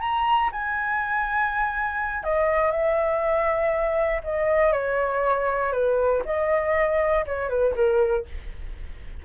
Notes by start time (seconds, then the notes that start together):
0.00 A#5
0.52 G#5
2.23 D#5
2.71 E5
4.24 D#5
4.72 C#5
5.72 B4
6.25 D#5
7.27 C#5
7.49 B4
7.75 A#4